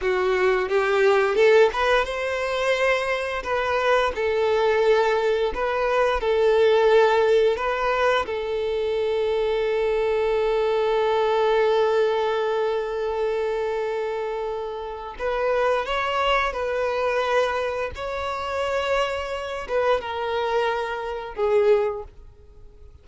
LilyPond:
\new Staff \with { instrumentName = "violin" } { \time 4/4 \tempo 4 = 87 fis'4 g'4 a'8 b'8 c''4~ | c''4 b'4 a'2 | b'4 a'2 b'4 | a'1~ |
a'1~ | a'2 b'4 cis''4 | b'2 cis''2~ | cis''8 b'8 ais'2 gis'4 | }